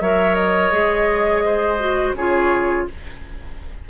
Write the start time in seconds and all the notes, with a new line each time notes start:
0.00 F#3 A#4 C#5 E5
0.35 D#5
0.72 G#3 G#4
1.45 C5
1.79 F#4
2.13 C#3 F4 G#4 C#5